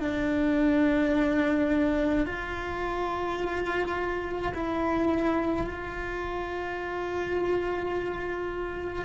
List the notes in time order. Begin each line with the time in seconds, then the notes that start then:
0.00 D4
2.26 F4
4.54 E4
5.67 F4